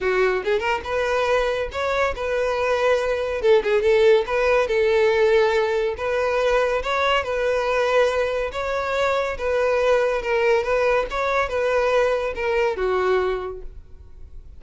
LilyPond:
\new Staff \with { instrumentName = "violin" } { \time 4/4 \tempo 4 = 141 fis'4 gis'8 ais'8 b'2 | cis''4 b'2. | a'8 gis'8 a'4 b'4 a'4~ | a'2 b'2 |
cis''4 b'2. | cis''2 b'2 | ais'4 b'4 cis''4 b'4~ | b'4 ais'4 fis'2 | }